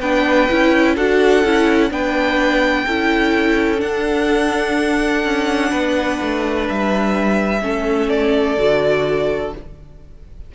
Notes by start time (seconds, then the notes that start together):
0.00 B3 D4 B4 G5
0.49 C#4 E4
0.95 D4 F#4 A4 F#5
1.44 C#4 E4
1.90 B3 D4 B4 G5
2.85 C#4 E4 A4
3.77 D4 F#5
5.24 C#4
5.70 B3 B4
6.21 A3
6.69 G3 E5
7.62 A3 C#4 A4
8.09 D5
8.58 D3 F#4